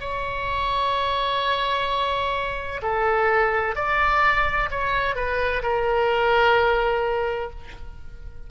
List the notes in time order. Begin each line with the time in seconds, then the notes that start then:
0.00 C#5
2.82 A4
3.75 D5
4.70 C#5
5.15 B4
5.62 A#4